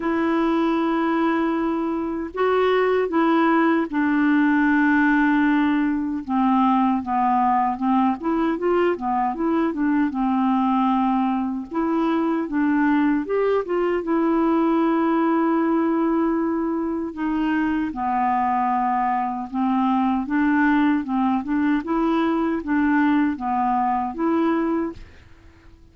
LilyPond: \new Staff \with { instrumentName = "clarinet" } { \time 4/4 \tempo 4 = 77 e'2. fis'4 | e'4 d'2. | c'4 b4 c'8 e'8 f'8 b8 | e'8 d'8 c'2 e'4 |
d'4 g'8 f'8 e'2~ | e'2 dis'4 b4~ | b4 c'4 d'4 c'8 d'8 | e'4 d'4 b4 e'4 | }